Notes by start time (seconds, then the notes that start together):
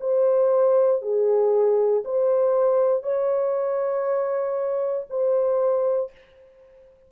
0.00 C5
1.02 G#4
2.05 C5
3.03 C#5
5.10 C5